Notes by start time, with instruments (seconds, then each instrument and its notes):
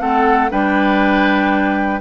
0.00 bassoon A3, clarinet C4, oboe A4, flute F#5
0.50 bassoon G3, clarinet D4, oboe B4, flute G5